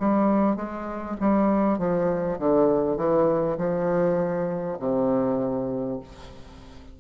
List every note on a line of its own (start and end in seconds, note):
0.00 0.57 G3
0.57 1.17 G#3
1.21 1.79 G3
1.79 2.39 F3
2.39 2.97 D3
2.97 3.57 E3
3.58 4.78 F3
4.80 6.00 C3